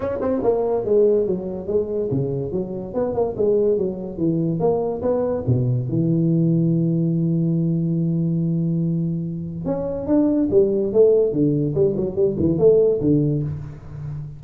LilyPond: \new Staff \with { instrumentName = "tuba" } { \time 4/4 \tempo 4 = 143 cis'8 c'8 ais4 gis4 fis4 | gis4 cis4 fis4 b8 ais8 | gis4 fis4 e4 ais4 | b4 b,4 e2~ |
e1~ | e2. cis'4 | d'4 g4 a4 d4 | g8 fis8 g8 e8 a4 d4 | }